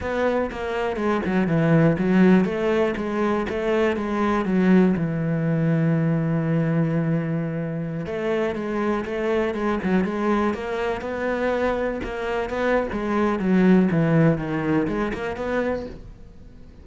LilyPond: \new Staff \with { instrumentName = "cello" } { \time 4/4 \tempo 4 = 121 b4 ais4 gis8 fis8 e4 | fis4 a4 gis4 a4 | gis4 fis4 e2~ | e1~ |
e16 a4 gis4 a4 gis8 fis16~ | fis16 gis4 ais4 b4.~ b16~ | b16 ais4 b8. gis4 fis4 | e4 dis4 gis8 ais8 b4 | }